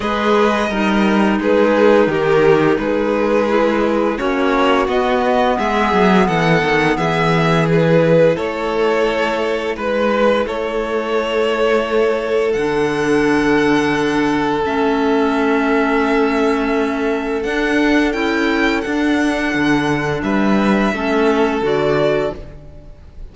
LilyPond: <<
  \new Staff \with { instrumentName = "violin" } { \time 4/4 \tempo 4 = 86 dis''2 b'4 ais'4 | b'2 cis''4 dis''4 | e''4 fis''4 e''4 b'4 | cis''2 b'4 cis''4~ |
cis''2 fis''2~ | fis''4 e''2.~ | e''4 fis''4 g''4 fis''4~ | fis''4 e''2 d''4 | }
  \new Staff \with { instrumentName = "violin" } { \time 4/4 b'4 ais'4 gis'4 g'4 | gis'2 fis'2 | gis'4 a'4 gis'2 | a'2 b'4 a'4~ |
a'1~ | a'1~ | a'1~ | a'4 b'4 a'2 | }
  \new Staff \with { instrumentName = "clarinet" } { \time 4/4 gis'4 dis'2.~ | dis'4 e'4 cis'4 b4~ | b2. e'4~ | e'1~ |
e'2 d'2~ | d'4 cis'2.~ | cis'4 d'4 e'4 d'4~ | d'2 cis'4 fis'4 | }
  \new Staff \with { instrumentName = "cello" } { \time 4/4 gis4 g4 gis4 dis4 | gis2 ais4 b4 | gis8 fis8 e8 dis8 e2 | a2 gis4 a4~ |
a2 d2~ | d4 a2.~ | a4 d'4 cis'4 d'4 | d4 g4 a4 d4 | }
>>